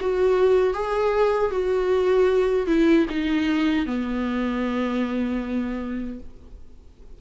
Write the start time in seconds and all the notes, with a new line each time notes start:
0.00 F#4
0.73 G#4
1.51 F#4
2.67 E4
3.09 D#4
3.85 B3